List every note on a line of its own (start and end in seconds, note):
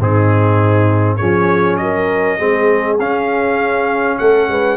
0.00 1.20 G#2
0.00 1.20 C4
0.00 1.19 D#4
0.00 1.17 G#4
1.17 1.80 F3
1.17 2.39 C#4
1.17 1.79 G#4
1.17 1.77 C#5
1.77 2.40 F#3
1.77 2.38 A#4
1.77 2.97 D#5
2.38 2.99 G#3
2.38 2.99 C4
2.38 4.18 G#4
2.99 4.19 C#4
2.99 4.77 C#4
2.99 4.19 F5
4.19 4.49 A3
4.19 4.50 A4
4.19 4.77 F#5
4.49 4.77 G#3
4.49 4.77 B4